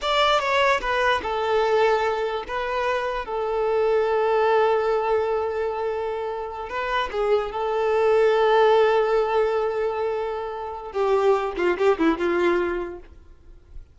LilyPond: \new Staff \with { instrumentName = "violin" } { \time 4/4 \tempo 4 = 148 d''4 cis''4 b'4 a'4~ | a'2 b'2 | a'1~ | a'1~ |
a'8 b'4 gis'4 a'4.~ | a'1~ | a'2. g'4~ | g'8 f'8 g'8 e'8 f'2 | }